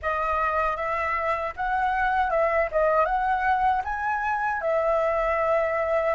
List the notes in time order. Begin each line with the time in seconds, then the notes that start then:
0.01 D#5
0.76 E5
1.56 F#5
2.30 E5
2.71 D#5
3.05 F#5
3.84 G#5
4.61 E5